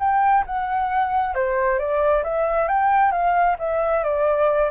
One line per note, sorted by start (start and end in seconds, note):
0.00 0.45 G5
0.47 1.35 F#5
1.35 1.79 C5
1.79 2.24 D5
2.24 2.68 E5
2.68 3.12 G5
3.12 3.57 F5
3.59 4.04 E5
4.04 4.71 D5